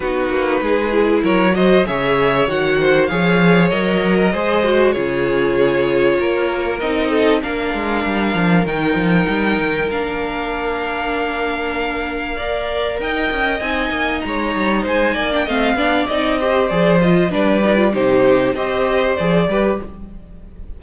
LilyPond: <<
  \new Staff \with { instrumentName = "violin" } { \time 4/4 \tempo 4 = 97 b'2 cis''8 dis''8 e''4 | fis''4 f''4 dis''2 | cis''2. dis''4 | f''2 g''2 |
f''1~ | f''4 g''4 gis''4 ais''4 | gis''8. g''16 f''4 dis''4 d''8 dis''8 | d''4 c''4 dis''4 d''4 | }
  \new Staff \with { instrumentName = "violin" } { \time 4/4 fis'4 gis'4 ais'8 c''8 cis''4~ | cis''8 c''8 cis''4.~ cis''16 ais'16 c''4 | gis'2 ais'4. a'8 | ais'1~ |
ais'1 | d''4 dis''2 cis''4 | c''8 d''8 dis''8 d''4 c''4. | b'4 g'4 c''4. b'8 | }
  \new Staff \with { instrumentName = "viola" } { \time 4/4 dis'4. e'4 fis'8 gis'4 | fis'4 gis'4 ais'4 gis'8 fis'8 | f'2. dis'4 | d'2 dis'2 |
d'1 | ais'2 dis'2~ | dis'8. d'16 c'8 d'8 dis'8 g'8 gis'8 f'8 | d'8 dis'16 f'16 dis'4 g'4 gis'8 g'8 | }
  \new Staff \with { instrumentName = "cello" } { \time 4/4 b8 ais8 gis4 fis4 cis4 | dis4 f4 fis4 gis4 | cis2 ais4 c'4 | ais8 gis8 g8 f8 dis8 f8 g8 dis8 |
ais1~ | ais4 dis'8 cis'8 c'8 ais8 gis8 g8 | gis8 ais8 a8 b8 c'4 f4 | g4 c4 c'4 f8 g8 | }
>>